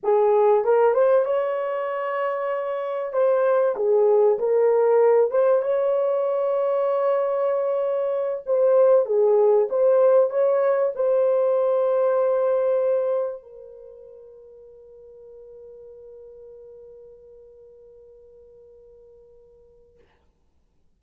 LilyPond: \new Staff \with { instrumentName = "horn" } { \time 4/4 \tempo 4 = 96 gis'4 ais'8 c''8 cis''2~ | cis''4 c''4 gis'4 ais'4~ | ais'8 c''8 cis''2.~ | cis''4. c''4 gis'4 c''8~ |
c''8 cis''4 c''2~ c''8~ | c''4. ais'2~ ais'8~ | ais'1~ | ais'1 | }